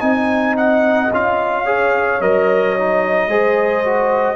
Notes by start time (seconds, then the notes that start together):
0.00 C4 D#4 D#5 G#5
0.57 F#5
1.12 C#4 F4 F5
1.65 G#4 C#5
2.21 F#3 A#4 D#5
2.79 D#4
3.28 G#3 G#4 C5
3.85 F#4